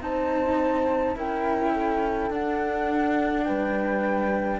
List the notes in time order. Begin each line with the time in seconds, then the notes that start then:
0.00 C4 D#4 C5 A5
1.15 C#4 E4 A#4 G5
1.73 A4
2.30 D4 F#5
3.44 G3 B4 G5